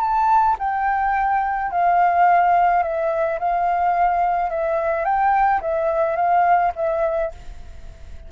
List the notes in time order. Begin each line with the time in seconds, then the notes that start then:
0.00 A5
0.59 G5
1.71 F5
2.83 E5
3.39 F5
4.50 E5
5.04 G5
5.61 E5
6.16 F5
6.75 E5